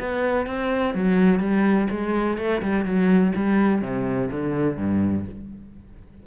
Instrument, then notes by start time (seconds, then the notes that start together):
cello
0.00 B3
0.47 C4
0.95 F#3
1.40 G3
1.91 G#3
2.38 A3
2.62 G3
2.86 F#3
3.36 G3
3.82 C3
4.31 D3
4.78 G2